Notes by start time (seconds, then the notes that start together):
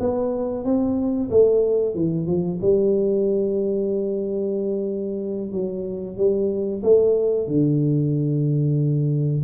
0.00 B3
0.65 C4
1.30 A3
1.95 E3
2.27 F3
2.62 G3
5.52 F#3
6.17 G3
6.83 A3
7.48 D3